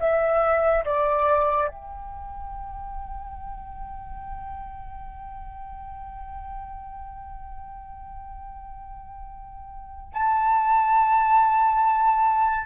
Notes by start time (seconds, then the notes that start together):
0.00 E5
0.85 D5
1.68 G5
10.14 A5